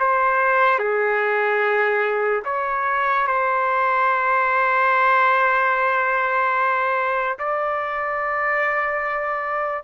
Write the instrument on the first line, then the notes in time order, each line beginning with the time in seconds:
trumpet
0.00 C5
0.79 G#4
2.45 C#5
3.28 C5
7.39 D5